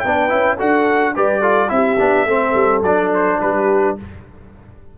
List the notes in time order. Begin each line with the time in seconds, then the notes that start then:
0.00 B4 G5
0.06 B3 D4
0.30 C#4 E4
0.57 D4 F#4 A4 F#5
1.15 G3 G4 B4 D5
1.41 F4 A4
1.69 C4 E4 G4 E5
2.00 B3 D4
2.26 A3 C4 A4
2.54 G3
2.82 F#3 D4 D5
3.14 C5
3.40 G3 G4 B4